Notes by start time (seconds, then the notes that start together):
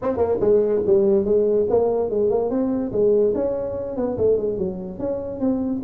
0.02 C4
0.16 A#3
0.40 G#3
0.86 G3
1.24 G#3
1.69 A#3
2.09 G#3
2.30 A#3
2.49 C4
2.92 G#3
3.34 C#4
3.96 B3
4.17 A3
4.37 G#3
4.58 F#3
4.98 C#4
5.40 C4